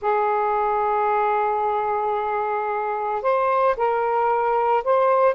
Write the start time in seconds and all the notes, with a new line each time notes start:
0.01 G#4
3.22 C5
3.76 A#4
4.84 C5